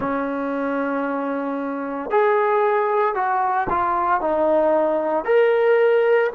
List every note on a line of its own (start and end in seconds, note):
0.00 2.10 C#4
2.10 3.14 G#4
3.14 3.67 F#4
3.69 4.21 F4
4.21 5.24 D#4
5.24 6.30 A#4